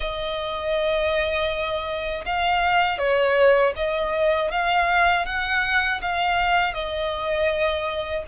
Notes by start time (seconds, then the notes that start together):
0.00 D#5
2.25 F5
2.98 C#5
3.76 D#5
4.51 F5
5.25 F#5
6.01 F5
6.74 D#5